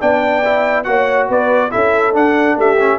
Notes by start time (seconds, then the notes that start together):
0.00 B3 D4 D5 G5
0.45 E4
0.83 A#3 F#4 C#5 F#5
1.28 B3 B4 D5
1.70 C#4 E4 A4 E5
2.12 D4 F#5
2.55 A3 G4 E5
2.79 C#4